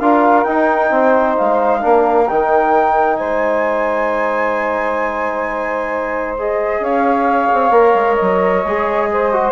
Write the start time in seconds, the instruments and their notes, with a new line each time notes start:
0.00 bassoon D4, trombone F4, saxophone A#4, flute F5
0.44 trombone D#4, bassoon D#4, flute G5
0.90 bassoon C4, saxophone C5
1.37 bassoon G#3, flute F5
1.80 bassoon A#3, trombone D4, saxophone A#4
2.28 bassoon D#3, trombone D#4, flute G5
3.16 bassoon G#3, saxophone C5, flute G#5
6.39 trombone G#4, flute D#5
6.80 bassoon C#4, saxophone C#5, flute F5
7.53 bassoon C4
7.71 bassoon A#3, trombone A#4
7.95 bassoon G#3
8.15 flute D#5
8.22 bassoon F#3
8.64 bassoon G#3, trombone G#4
9.12 saxophone C5
9.32 trombone F#4